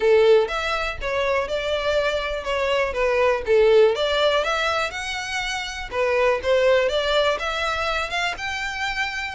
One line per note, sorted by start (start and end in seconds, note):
0.00 0.48 A4
0.48 0.97 E5
1.01 1.48 C#5
1.48 2.43 D5
2.43 2.93 C#5
2.93 3.42 B4
3.46 3.95 A4
3.95 4.44 D5
4.44 4.90 E5
4.90 5.89 F#5
5.91 6.40 B4
6.42 6.89 C5
6.89 7.38 D5
7.39 8.09 E5
8.09 8.34 F5
8.37 9.34 G5